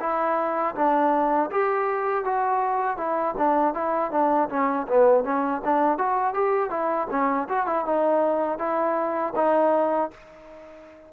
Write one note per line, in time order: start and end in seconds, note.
0.00 0.75 E4
0.75 1.50 D4
1.51 2.24 G4
2.24 2.97 F#4
2.97 3.35 E4
3.38 3.74 D4
3.74 4.11 E4
4.11 4.49 D4
4.49 4.87 C#4
4.88 5.24 B3
5.24 5.62 C#4
5.64 5.98 D4
5.98 6.34 F#4
6.34 6.70 G4
6.70 7.08 E4
7.10 7.48 C#4
7.49 7.67 F#4
7.67 7.85 E4
7.85 8.59 D#4
8.59 9.34 E4
9.36 10.11 D#4